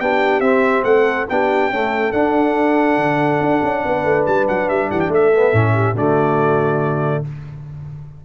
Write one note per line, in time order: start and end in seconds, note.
0.00 0.40 B3
0.00 0.42 D4
0.00 0.86 G4
0.00 0.40 G5
0.40 0.83 C4
0.40 1.27 C4
0.40 0.83 E5
0.84 1.27 A3
0.84 1.30 A4
0.84 1.26 F#5
1.29 1.70 B3
1.29 1.72 D4
1.29 1.73 G4
1.29 2.12 G5
1.70 2.14 A3
1.70 2.12 C#4
1.70 3.84 A4
2.12 2.97 D4
2.12 5.33 D4
2.12 4.25 F#5
2.97 3.39 D3
3.40 3.62 D4
3.63 3.84 C#4
3.84 4.05 B3
3.84 4.90 B4
4.05 4.26 A3
4.26 4.48 G3
4.26 4.47 A5
4.48 4.69 F#3
4.48 4.69 F#5
4.69 4.91 G3
4.69 4.90 E5
4.90 5.08 E3
4.90 5.10 G4
4.90 5.00 F#5
5.00 5.11 G5
5.08 5.51 A3
5.08 5.74 A4
5.08 5.97 E5
5.33 5.53 B3
5.53 5.94 A2
5.53 5.96 C#4
5.74 5.94 G4
5.94 7.22 D3
5.94 7.25 A3
5.94 7.22 F#4
5.94 7.25 D5